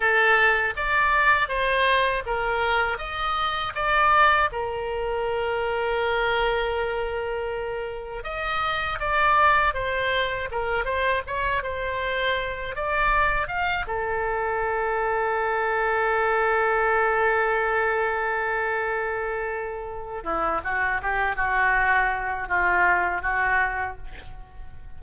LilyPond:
\new Staff \with { instrumentName = "oboe" } { \time 4/4 \tempo 4 = 80 a'4 d''4 c''4 ais'4 | dis''4 d''4 ais'2~ | ais'2. dis''4 | d''4 c''4 ais'8 c''8 cis''8 c''8~ |
c''4 d''4 f''8 a'4.~ | a'1~ | a'2. e'8 fis'8 | g'8 fis'4. f'4 fis'4 | }